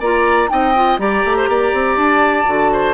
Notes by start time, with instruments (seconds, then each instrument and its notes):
0.00 bassoon A#3, clarinet F4, oboe D5, flute A#5
0.49 bassoon C4, clarinet D#4, oboe D#5, flute G5
0.76 clarinet F4
0.98 bassoon G3, clarinet G4, oboe D5, flute A#5
1.25 bassoon A3
1.37 oboe C5
1.49 bassoon A#3, oboe D5
1.73 bassoon C4
1.97 bassoon D4, flute A5
2.46 bassoon D3, clarinet F#4
2.72 oboe C5